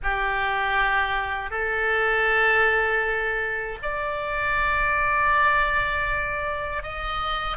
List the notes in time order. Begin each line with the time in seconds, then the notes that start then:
0.02 G4
1.50 A4
3.82 D5
6.83 D#5